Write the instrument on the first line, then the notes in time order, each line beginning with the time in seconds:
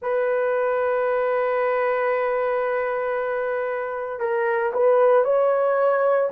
horn
0.01 B4
4.19 A#4
4.73 B4
5.24 C#5